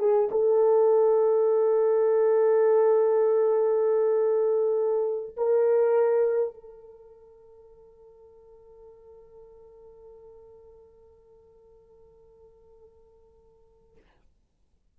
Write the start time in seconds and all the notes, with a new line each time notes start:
0.00 G#4
0.32 A4
5.37 A#4
6.55 A4